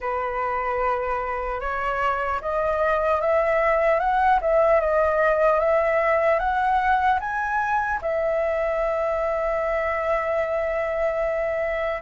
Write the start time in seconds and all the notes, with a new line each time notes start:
0.00 B4
1.60 C#5
2.41 D#5
3.20 E5
3.99 F#5
4.41 E5
4.80 D#5
5.59 E5
6.39 F#5
7.20 G#5
8.01 E5